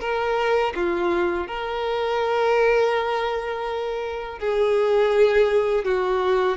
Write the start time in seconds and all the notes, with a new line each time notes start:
0.00 A#4
0.75 F4
1.47 A#4
4.39 G#4
5.85 F#4